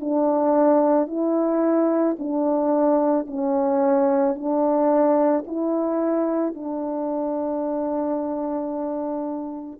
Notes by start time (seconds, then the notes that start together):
0.00 D4
1.07 E4
2.18 D4
3.27 C#4
4.35 D4
5.46 E4
6.54 D4